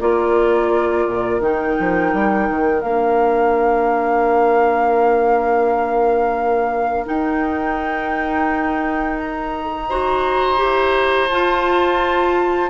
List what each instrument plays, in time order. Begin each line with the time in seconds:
0.00 bassoon A#3, clarinet F4, oboe A#4, flute D5
1.06 bassoon A#2
1.39 bassoon D#3, clarinet D#4, flute G5
1.79 bassoon F3
2.13 bassoon G3
2.49 bassoon D#3
2.81 bassoon A#3, clarinet D4, flute F5
7.05 clarinet D#4, bassoon D#4, flute G5
9.19 flute A#5
9.89 clarinet F#4, oboe C5
10.57 bassoon E4, clarinet G4
11.29 bassoon F4, clarinet F4, flute A5